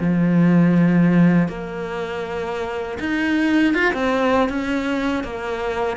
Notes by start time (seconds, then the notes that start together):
0.00 F3
1.48 A#3
3.00 D#4
3.74 F4
3.93 C4
4.49 C#4
5.24 A#3